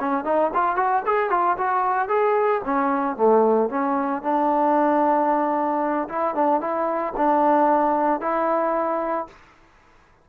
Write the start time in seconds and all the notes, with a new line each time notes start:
0.00 C#4
0.25 D#4
0.55 F4
0.77 F#4
1.06 G#4
1.31 F4
1.58 F#4
2.09 G#4
2.65 C#4
3.17 A3
3.70 C#4
4.23 D4
6.09 E4
6.35 D4
6.61 E4
7.17 D4
8.21 E4